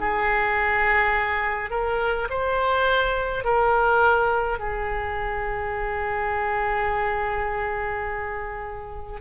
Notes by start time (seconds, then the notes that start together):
0.00 G#4
1.70 A#4
2.30 C5
3.45 A#4
4.59 G#4